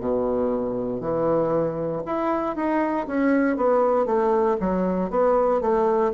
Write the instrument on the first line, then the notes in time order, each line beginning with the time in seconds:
bassoon
0.00 B2
1.01 E3
2.06 E4
2.56 D#4
3.07 C#4
3.57 B3
4.06 A3
4.61 F#3
5.11 B3
5.61 A3